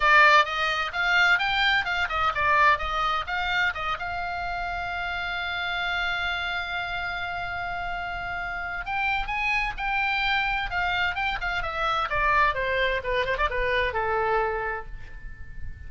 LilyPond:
\new Staff \with { instrumentName = "oboe" } { \time 4/4 \tempo 4 = 129 d''4 dis''4 f''4 g''4 | f''8 dis''8 d''4 dis''4 f''4 | dis''8 f''2.~ f''8~ | f''1~ |
f''2. g''4 | gis''4 g''2 f''4 | g''8 f''8 e''4 d''4 c''4 | b'8 c''16 d''16 b'4 a'2 | }